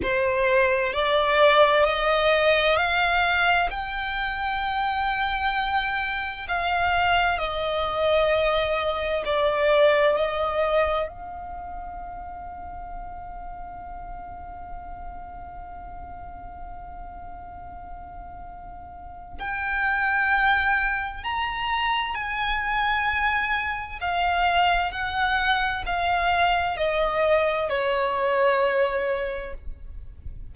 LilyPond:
\new Staff \with { instrumentName = "violin" } { \time 4/4 \tempo 4 = 65 c''4 d''4 dis''4 f''4 | g''2. f''4 | dis''2 d''4 dis''4 | f''1~ |
f''1~ | f''4 g''2 ais''4 | gis''2 f''4 fis''4 | f''4 dis''4 cis''2 | }